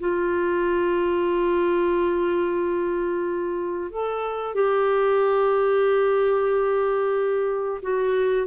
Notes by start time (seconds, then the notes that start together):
0.00 F4
3.91 A4
4.55 G4
7.82 F#4